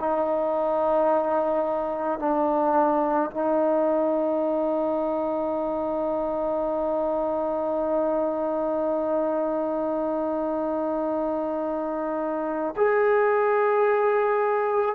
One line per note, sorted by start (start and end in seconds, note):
0.00 2.19 D#4
2.19 3.30 D4
3.31 12.75 D#4
12.77 14.95 G#4